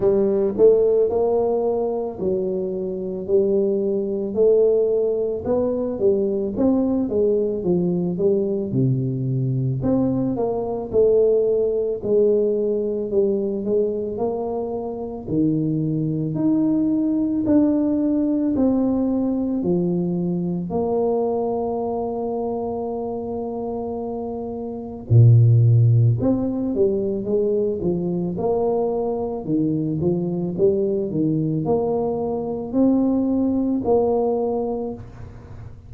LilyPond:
\new Staff \with { instrumentName = "tuba" } { \time 4/4 \tempo 4 = 55 g8 a8 ais4 fis4 g4 | a4 b8 g8 c'8 gis8 f8 g8 | c4 c'8 ais8 a4 gis4 | g8 gis8 ais4 dis4 dis'4 |
d'4 c'4 f4 ais4~ | ais2. ais,4 | c'8 g8 gis8 f8 ais4 dis8 f8 | g8 dis8 ais4 c'4 ais4 | }